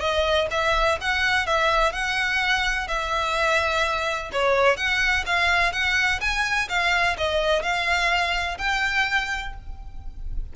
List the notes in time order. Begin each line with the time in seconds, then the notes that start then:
0.00 D#5
0.51 E5
1.01 F#5
1.47 E5
1.93 F#5
2.88 E5
4.32 C#5
4.77 F#5
5.26 F5
5.73 F#5
6.21 G#5
6.69 F5
7.18 D#5
7.62 F5
8.58 G5